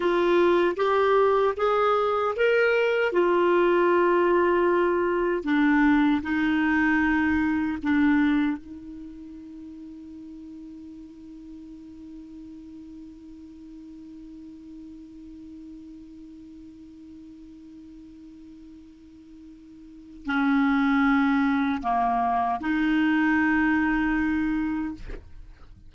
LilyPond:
\new Staff \with { instrumentName = "clarinet" } { \time 4/4 \tempo 4 = 77 f'4 g'4 gis'4 ais'4 | f'2. d'4 | dis'2 d'4 dis'4~ | dis'1~ |
dis'1~ | dis'1~ | dis'2 cis'2 | ais4 dis'2. | }